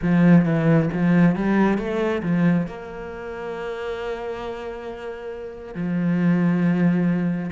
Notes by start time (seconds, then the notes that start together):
0.02 F3
0.45 E3
0.93 F3
1.35 G3
1.78 A3
2.23 F3
2.66 A#3
5.74 F3